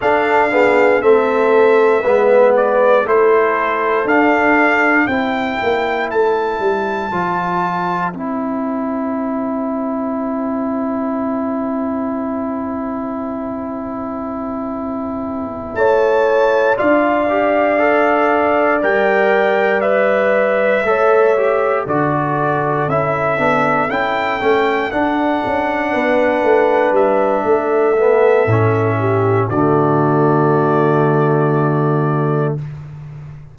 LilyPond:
<<
  \new Staff \with { instrumentName = "trumpet" } { \time 4/4 \tempo 4 = 59 f''4 e''4. d''8 c''4 | f''4 g''4 a''2 | g''1~ | g''2.~ g''8 a''8~ |
a''8 f''2 g''4 e''8~ | e''4. d''4 e''4 g''8~ | g''8 fis''2 e''4.~ | e''4 d''2. | }
  \new Staff \with { instrumentName = "horn" } { \time 4/4 a'8 gis'8 a'4 b'4 a'4~ | a'4 c''2.~ | c''1~ | c''2.~ c''8 cis''8~ |
cis''8 d''2.~ d''8~ | d''8 cis''4 a'2~ a'8~ | a'4. b'4. a'4~ | a'8 g'8 fis'2. | }
  \new Staff \with { instrumentName = "trombone" } { \time 4/4 d'8 b8 c'4 b4 e'4 | d'4 e'2 f'4 | e'1~ | e'1~ |
e'8 f'8 g'8 a'4 ais'4 b'8~ | b'8 a'8 g'8 fis'4 e'8 d'8 e'8 | cis'8 d'2. b8 | cis'4 a2. | }
  \new Staff \with { instrumentName = "tuba" } { \time 4/4 d'4 a4 gis4 a4 | d'4 c'8 ais8 a8 g8 f4 | c'1~ | c'2.~ c'8 a8~ |
a8 d'2 g4.~ | g8 a4 d4 cis'8 b8 cis'8 | a8 d'8 cis'8 b8 a8 g8 a4 | a,4 d2. | }
>>